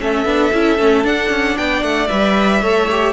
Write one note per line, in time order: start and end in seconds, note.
0.00 0.25 A3
0.00 0.26 C#4
0.00 1.58 A4
0.00 1.06 E5
0.25 0.51 B3
0.25 0.52 D4
0.53 0.79 C#4
0.53 0.79 E4
0.79 1.04 A3
0.79 1.03 C#4
1.03 2.08 D4
1.03 1.30 D4
1.03 1.57 F#5
1.30 1.57 C#4
1.57 1.83 B3
1.57 2.62 D5
1.57 1.83 G5
1.83 2.09 A3
1.83 2.08 F#5
2.08 2.63 G3
2.08 2.62 B4
2.08 3.13 E5
2.62 3.13 A3
2.62 2.89 A4
2.62 3.13 C#5
2.91 3.13 G4